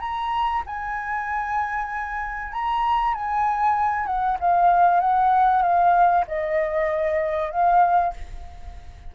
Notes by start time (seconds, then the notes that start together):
0.00 A#5
0.66 G#5
2.53 A#5
3.14 G#5
4.06 F#5
4.40 F5
5.00 F#5
5.62 F5
6.27 D#5
7.51 F5